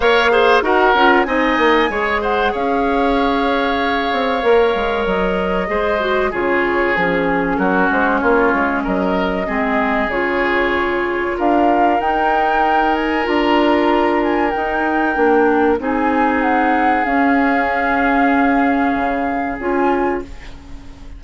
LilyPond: <<
  \new Staff \with { instrumentName = "flute" } { \time 4/4 \tempo 4 = 95 f''4 fis''4 gis''4. fis''8 | f''1 | dis''2 cis''4 gis'4 | ais'8 c''8 cis''4 dis''2 |
cis''2 f''4 g''4~ | g''8 gis''8 ais''4. gis''8 g''4~ | g''4 gis''4 fis''4 f''4~ | f''2. gis''4 | }
  \new Staff \with { instrumentName = "oboe" } { \time 4/4 cis''8 c''8 ais'4 dis''4 cis''8 c''8 | cis''1~ | cis''4 c''4 gis'2 | fis'4 f'4 ais'4 gis'4~ |
gis'2 ais'2~ | ais'1~ | ais'4 gis'2.~ | gis'1 | }
  \new Staff \with { instrumentName = "clarinet" } { \time 4/4 ais'8 gis'8 fis'8 f'8 dis'4 gis'4~ | gis'2. ais'4~ | ais'4 gis'8 fis'8 f'4 cis'4~ | cis'2. c'4 |
f'2. dis'4~ | dis'4 f'2 dis'4 | d'4 dis'2 cis'4~ | cis'2. f'4 | }
  \new Staff \with { instrumentName = "bassoon" } { \time 4/4 ais4 dis'8 cis'8 c'8 ais8 gis4 | cis'2~ cis'8 c'8 ais8 gis8 | fis4 gis4 cis4 f4 | fis8 gis8 ais8 gis8 fis4 gis4 |
cis2 d'4 dis'4~ | dis'4 d'2 dis'4 | ais4 c'2 cis'4~ | cis'2 cis4 cis'4 | }
>>